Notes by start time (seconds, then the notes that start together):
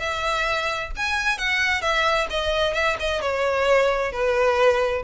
0.00 E5
0.97 G#5
1.38 F#5
1.82 E5
2.30 D#5
2.74 E5
3.00 D#5
3.21 C#5
4.12 B4